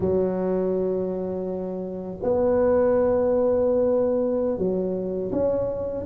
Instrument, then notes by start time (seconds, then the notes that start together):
tuba
0.00 F#3
2.22 B3
4.58 F#3
5.31 C#4